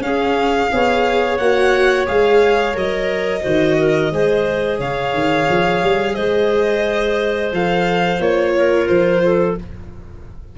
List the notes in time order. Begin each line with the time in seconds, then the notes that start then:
0.00 C#4 G#4 F5
0.72 B3 G#4 C#5
1.38 A#3 F#4 F#5
2.07 G#3 G#4 F5
2.74 F#3 A#4 D#5
3.41 D#3 F#4 C5
3.79 A#4
4.12 G#3 G#4 C5
4.79 C#3 C#5 F5
5.14 D#3
5.49 F3
5.83 G3
6.14 G#3 C5 D#5
7.52 F3 A4 F5
8.19 A#3 F4 C#5
8.55 A#4
8.87 F3 C5
9.24 A4